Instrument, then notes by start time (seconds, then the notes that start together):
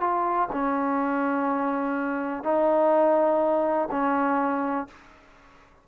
trombone
0.00 F4
0.52 C#4
2.43 D#4
3.91 C#4